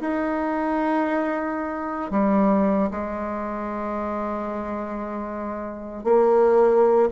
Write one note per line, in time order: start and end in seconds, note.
0.00 2.11 D#4
2.11 2.89 G3
2.90 6.04 G#3
6.04 7.09 A#3